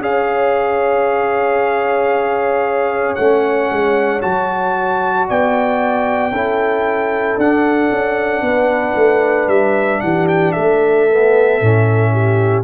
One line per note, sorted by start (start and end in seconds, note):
0.00 3.16 C#4
0.00 3.18 G#4
0.00 5.29 C#5
0.00 3.15 F5
3.15 3.71 A3
3.15 4.21 C#4
3.15 4.21 F#5
3.71 4.24 G#3
4.21 5.30 F#3
4.21 6.32 F#4
4.21 5.27 A5
5.29 6.32 B3
5.29 6.33 D5
5.29 7.40 G5
6.32 7.37 C#4
6.32 7.40 E4
6.32 8.44 A4
7.38 7.91 D4
7.38 11.10 D4
7.38 9.49 F#5
7.91 8.42 C#4
8.42 8.94 B3
8.42 10.03 B4
8.96 9.48 A3
9.48 10.01 G3
9.48 10.01 E5
10.01 10.55 E3
10.01 10.54 G4
10.01 10.27 F#5
10.28 10.52 G5
10.52 12.11 A4
10.52 12.63 E5
10.58 11.62 A3
11.10 11.62 B3
11.62 12.64 A2
11.62 12.64 C#4
12.13 12.64 G4